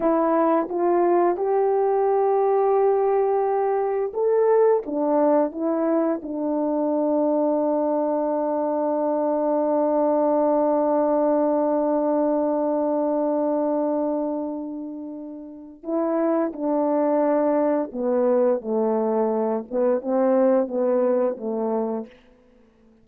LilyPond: \new Staff \with { instrumentName = "horn" } { \time 4/4 \tempo 4 = 87 e'4 f'4 g'2~ | g'2 a'4 d'4 | e'4 d'2.~ | d'1~ |
d'1~ | d'2. e'4 | d'2 b4 a4~ | a8 b8 c'4 b4 a4 | }